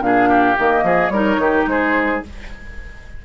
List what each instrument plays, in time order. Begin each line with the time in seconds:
0.00 bassoon A#2, clarinet D4, oboe G#4, flute F5
0.29 oboe G4
0.57 bassoon D#3, clarinet A#3, flute D#5
0.83 bassoon F3, oboe G#4
1.08 bassoon G3, clarinet D#4, oboe A#4, flute C#5
1.38 bassoon D#3, oboe G4
1.66 bassoon G#3, oboe G#4, flute C5